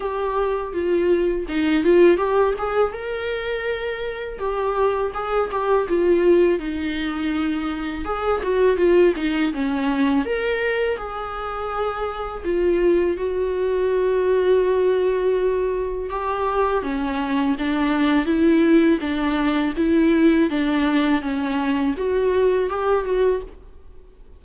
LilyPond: \new Staff \with { instrumentName = "viola" } { \time 4/4 \tempo 4 = 82 g'4 f'4 dis'8 f'8 g'8 gis'8 | ais'2 g'4 gis'8 g'8 | f'4 dis'2 gis'8 fis'8 | f'8 dis'8 cis'4 ais'4 gis'4~ |
gis'4 f'4 fis'2~ | fis'2 g'4 cis'4 | d'4 e'4 d'4 e'4 | d'4 cis'4 fis'4 g'8 fis'8 | }